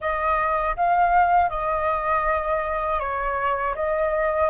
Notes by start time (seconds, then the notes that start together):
0.00 D#5
0.76 F5
1.49 D#5
2.99 C#5
3.75 D#5